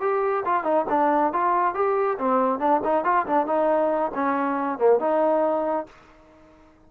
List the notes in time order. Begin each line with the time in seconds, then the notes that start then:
0.00 G4
0.45 F4
0.63 D#4
0.89 D4
1.33 F4
1.74 G4
2.18 C4
2.59 D4
2.84 D#4
3.04 F4
3.26 D4
3.46 D#4
4.14 C#4
4.78 A#3
4.99 D#4